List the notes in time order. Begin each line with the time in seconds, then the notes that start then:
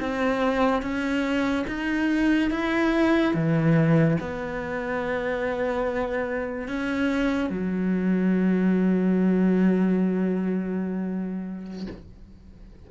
0.00 C4
0.82 C#4
1.67 D#4
2.51 E4
3.34 E3
4.20 B3
6.68 C#4
7.50 F#3